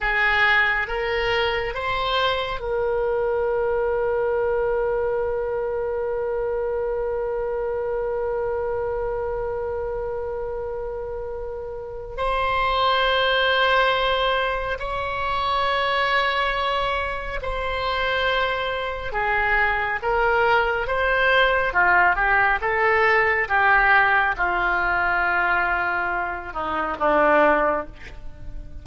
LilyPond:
\new Staff \with { instrumentName = "oboe" } { \time 4/4 \tempo 4 = 69 gis'4 ais'4 c''4 ais'4~ | ais'1~ | ais'1~ | ais'2 c''2~ |
c''4 cis''2. | c''2 gis'4 ais'4 | c''4 f'8 g'8 a'4 g'4 | f'2~ f'8 dis'8 d'4 | }